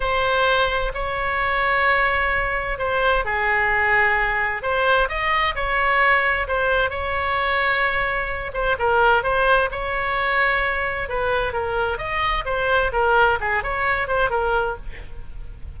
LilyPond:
\new Staff \with { instrumentName = "oboe" } { \time 4/4 \tempo 4 = 130 c''2 cis''2~ | cis''2 c''4 gis'4~ | gis'2 c''4 dis''4 | cis''2 c''4 cis''4~ |
cis''2~ cis''8 c''8 ais'4 | c''4 cis''2. | b'4 ais'4 dis''4 c''4 | ais'4 gis'8 cis''4 c''8 ais'4 | }